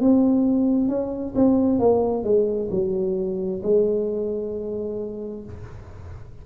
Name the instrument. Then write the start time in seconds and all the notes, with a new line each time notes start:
tuba
0.00 C4
0.88 C#4
1.35 C4
1.79 A#3
2.24 G#3
2.71 F#3
3.62 G#3